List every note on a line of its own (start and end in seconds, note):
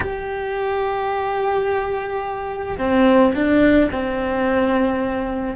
0.00 2.77 G4
2.78 3.33 C4
3.34 3.90 D4
3.91 5.55 C4